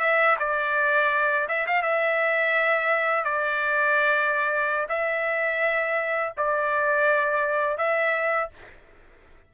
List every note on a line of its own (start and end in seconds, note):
0.00 0.36 E5
0.39 1.47 D5
1.48 1.66 E5
1.66 1.82 F5
1.82 3.24 E5
3.24 4.87 D5
4.88 6.33 E5
6.37 7.77 D5
7.77 8.49 E5